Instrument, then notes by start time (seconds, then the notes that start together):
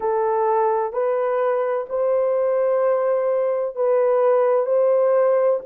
horn
0.00 A4
0.92 B4
1.89 C5
3.75 B4
4.65 C5